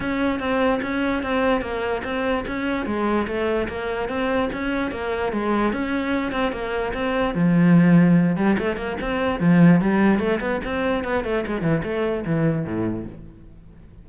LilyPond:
\new Staff \with { instrumentName = "cello" } { \time 4/4 \tempo 4 = 147 cis'4 c'4 cis'4 c'4 | ais4 c'4 cis'4 gis4 | a4 ais4 c'4 cis'4 | ais4 gis4 cis'4. c'8 |
ais4 c'4 f2~ | f8 g8 a8 ais8 c'4 f4 | g4 a8 b8 c'4 b8 a8 | gis8 e8 a4 e4 a,4 | }